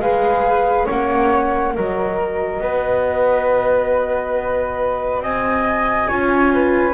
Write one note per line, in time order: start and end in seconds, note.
0.00 0.87 G#3
0.00 0.88 G#4
0.00 0.86 B4
0.00 0.88 F5
0.86 1.77 A#3
0.86 1.75 C#4
0.86 1.73 C#5
0.86 1.75 F#5
1.75 2.61 F#3
1.75 6.10 F#4
1.75 2.62 A#4
1.75 5.23 D#5
2.61 5.20 B3
2.61 5.23 B4
5.20 6.07 C4
5.20 6.09 D#5
5.20 6.95 G#5
6.09 6.95 C#4
6.09 6.95 F4
6.09 6.52 C#5
6.54 6.95 B4